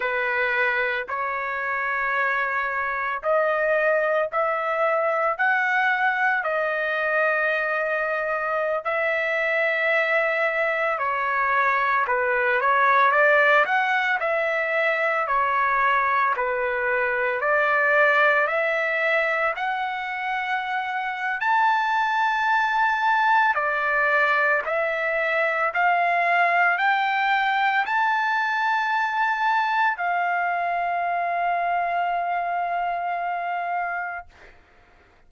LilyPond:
\new Staff \with { instrumentName = "trumpet" } { \time 4/4 \tempo 4 = 56 b'4 cis''2 dis''4 | e''4 fis''4 dis''2~ | dis''16 e''2 cis''4 b'8 cis''16~ | cis''16 d''8 fis''8 e''4 cis''4 b'8.~ |
b'16 d''4 e''4 fis''4.~ fis''16 | a''2 d''4 e''4 | f''4 g''4 a''2 | f''1 | }